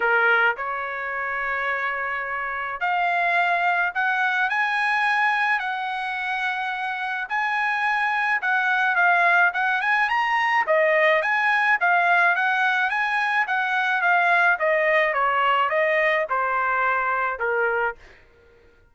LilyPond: \new Staff \with { instrumentName = "trumpet" } { \time 4/4 \tempo 4 = 107 ais'4 cis''2.~ | cis''4 f''2 fis''4 | gis''2 fis''2~ | fis''4 gis''2 fis''4 |
f''4 fis''8 gis''8 ais''4 dis''4 | gis''4 f''4 fis''4 gis''4 | fis''4 f''4 dis''4 cis''4 | dis''4 c''2 ais'4 | }